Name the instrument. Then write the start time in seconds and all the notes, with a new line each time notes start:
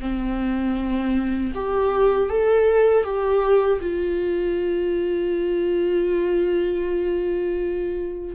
viola
0.00 C4
1.55 G4
2.29 A4
3.03 G4
3.80 F4